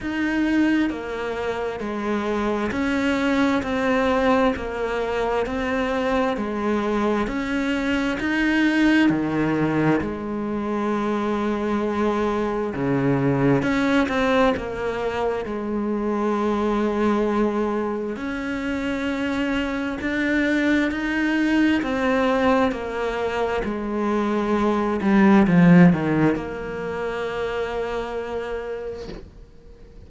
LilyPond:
\new Staff \with { instrumentName = "cello" } { \time 4/4 \tempo 4 = 66 dis'4 ais4 gis4 cis'4 | c'4 ais4 c'4 gis4 | cis'4 dis'4 dis4 gis4~ | gis2 cis4 cis'8 c'8 |
ais4 gis2. | cis'2 d'4 dis'4 | c'4 ais4 gis4. g8 | f8 dis8 ais2. | }